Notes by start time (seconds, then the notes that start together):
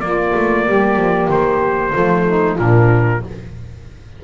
0.00 A#3 F4 D5
0.36 A3
0.66 G3 G4
0.96 F3
1.29 D#3 C5
1.92 F3 A3 F4
2.27 D#4
2.56 A#2 F3 D4 A#4